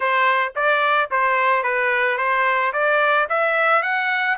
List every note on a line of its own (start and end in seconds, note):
0.00 0.53 C5
0.55 1.10 D5
1.10 1.63 C5
1.63 2.17 B4
2.17 2.72 C5
2.72 3.27 D5
3.29 3.82 E5
3.82 4.37 F#5